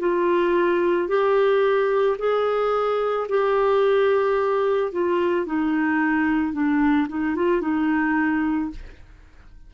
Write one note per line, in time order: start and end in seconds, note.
0.00 1.08 F4
1.08 2.17 G4
2.19 3.28 G#4
3.29 4.92 G4
4.92 5.46 F4
5.46 6.53 D#4
6.53 7.08 D4
7.09 7.36 D#4
7.36 7.62 F4
7.62 8.71 D#4